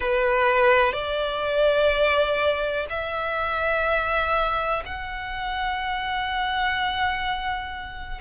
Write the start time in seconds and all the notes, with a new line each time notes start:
0.00 B4
0.92 D5
2.89 E5
4.85 F#5